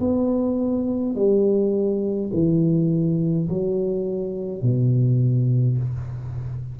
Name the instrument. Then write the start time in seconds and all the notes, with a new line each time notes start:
tuba
0.00 B3
1.15 G3
2.33 E3
3.49 F#3
4.63 B2